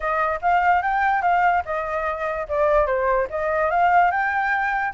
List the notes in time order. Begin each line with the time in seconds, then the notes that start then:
0.00 D#5
0.41 F5
0.82 G5
1.22 F5
1.65 D#5
2.48 D5
2.86 C5
3.30 D#5
3.70 F5
4.11 G5